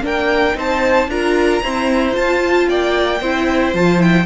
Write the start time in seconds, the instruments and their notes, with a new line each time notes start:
0.00 cello A#3, viola D4, violin A#4 G5
0.54 cello C4, viola D#4, violin C5 A5
1.07 cello D4, viola F4, violin A#4 A#5
1.62 viola C4, cello E4, violin C5
2.12 viola F4, cello F4, violin A5
2.68 cello A#3, violin D5 G5
3.20 cello C4, viola E4, violin C5
3.73 cello F3, viola F4, violin A5
3.98 viola E4, violin G5